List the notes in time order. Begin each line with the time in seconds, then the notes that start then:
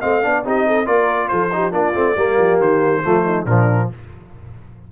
0.00 A3 C4 D#5 F5
0.23 B3 D4 D5
0.45 C4 D#4 G4 D#5
0.67 A4
0.86 A#3 F4 A#4 D5
1.28 F3 A4 C5
1.53 D#4 G4
1.72 A#3 D4 F4 D5
1.95 A3 C4
2.16 G3 A#3 G4
2.38 F3
2.60 D#3 C5
3.04 F3 A3 F4
3.25 D#4
3.46 A#2 F3 D4 A#4